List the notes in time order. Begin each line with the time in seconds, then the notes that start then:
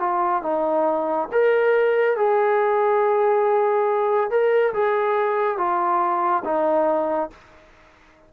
0.00 F4
0.43 D#4
1.32 A#4
2.17 G#4
4.31 A#4
4.74 G#4
5.58 F4
6.45 D#4